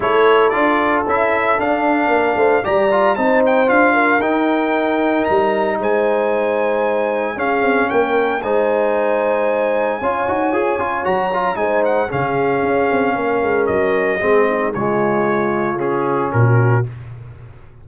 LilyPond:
<<
  \new Staff \with { instrumentName = "trumpet" } { \time 4/4 \tempo 4 = 114 cis''4 d''4 e''4 f''4~ | f''4 ais''4 a''8 g''8 f''4 | g''2 ais''4 gis''4~ | gis''2 f''4 g''4 |
gis''1~ | gis''4 ais''4 gis''8 fis''8 f''4~ | f''2 dis''2 | cis''2 gis'4 ais'4 | }
  \new Staff \with { instrumentName = "horn" } { \time 4/4 a'1 | ais'8 c''8 d''4 c''4. ais'8~ | ais'2. c''4~ | c''2 gis'4 ais'4 |
c''2. cis''4~ | cis''2 c''4 gis'4~ | gis'4 ais'2 gis'8 dis'8 | f'2. fis'4 | }
  \new Staff \with { instrumentName = "trombone" } { \time 4/4 e'4 f'4 e'4 d'4~ | d'4 g'8 f'8 dis'4 f'4 | dis'1~ | dis'2 cis'2 |
dis'2. f'8 fis'8 | gis'8 f'8 fis'8 f'8 dis'4 cis'4~ | cis'2. c'4 | gis2 cis'2 | }
  \new Staff \with { instrumentName = "tuba" } { \time 4/4 a4 d'4 cis'4 d'4 | ais8 a8 g4 c'4 d'4 | dis'2 g4 gis4~ | gis2 cis'8 c'8 ais4 |
gis2. cis'8 dis'8 | f'8 cis'8 fis4 gis4 cis4 | cis'8 c'8 ais8 gis8 fis4 gis4 | cis2. ais,4 | }
>>